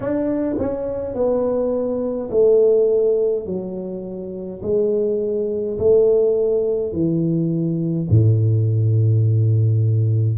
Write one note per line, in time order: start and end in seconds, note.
0.00 0.56 D4
0.58 1.14 C#4
1.14 2.29 B3
2.31 3.46 A3
3.46 4.61 F#3
4.62 5.77 G#3
5.78 6.92 A3
6.92 8.08 E3
8.09 10.38 A2